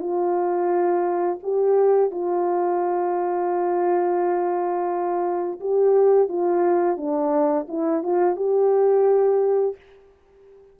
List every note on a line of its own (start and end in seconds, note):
0.00 1.40 F4
1.43 2.11 G4
2.11 5.60 F4
5.61 6.29 G4
6.29 6.97 F4
6.97 7.67 D4
7.69 8.03 E4
8.03 8.37 F4
8.37 9.76 G4